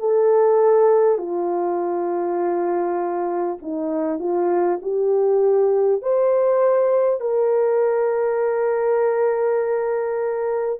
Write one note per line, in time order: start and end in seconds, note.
0.00 1.18 A4
1.18 3.58 F4
3.62 4.19 D#4
4.19 4.79 F4
4.82 6.02 G4
6.02 7.21 C5
7.21 10.80 A#4